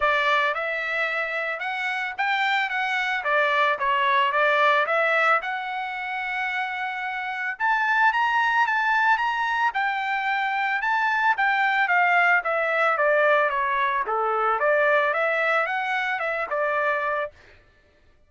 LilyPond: \new Staff \with { instrumentName = "trumpet" } { \time 4/4 \tempo 4 = 111 d''4 e''2 fis''4 | g''4 fis''4 d''4 cis''4 | d''4 e''4 fis''2~ | fis''2 a''4 ais''4 |
a''4 ais''4 g''2 | a''4 g''4 f''4 e''4 | d''4 cis''4 a'4 d''4 | e''4 fis''4 e''8 d''4. | }